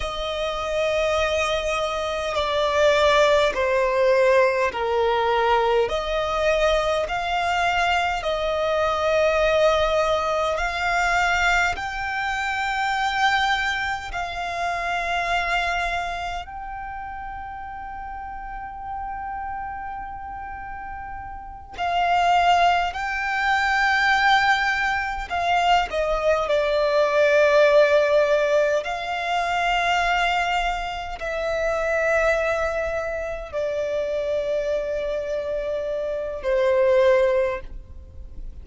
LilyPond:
\new Staff \with { instrumentName = "violin" } { \time 4/4 \tempo 4 = 51 dis''2 d''4 c''4 | ais'4 dis''4 f''4 dis''4~ | dis''4 f''4 g''2 | f''2 g''2~ |
g''2~ g''8 f''4 g''8~ | g''4. f''8 dis''8 d''4.~ | d''8 f''2 e''4.~ | e''8 d''2~ d''8 c''4 | }